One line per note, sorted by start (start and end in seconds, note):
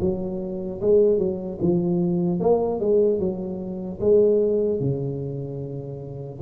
0.00 0.80 F#3
0.81 1.18 G#3
1.18 1.58 F#3
1.61 2.40 F3
2.40 2.80 A#3
2.80 3.19 G#3
3.19 3.99 F#3
4.00 4.80 G#3
4.80 6.40 C#3